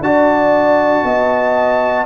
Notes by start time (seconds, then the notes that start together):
0.00 D4 F#4 D5 A5
1.03 B3 D#5